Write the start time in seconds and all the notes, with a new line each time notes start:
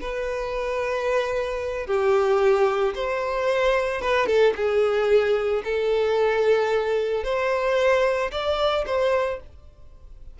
0.00 B4
1.86 G4
2.94 C5
4.01 B4
4.26 A4
4.55 G#4
5.64 A4
7.23 C5
8.31 D5
8.86 C5